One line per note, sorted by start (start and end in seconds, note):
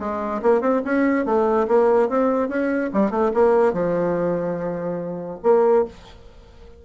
0.00 0.42 G#3
0.43 0.61 A#3
0.61 0.82 C4
0.85 1.26 C#4
1.26 1.68 A3
1.68 2.09 A#3
2.09 2.49 C4
2.49 2.91 C#4
2.94 3.11 G3
3.11 3.32 A3
3.34 3.73 A#3
3.73 5.40 F3
5.44 5.85 A#3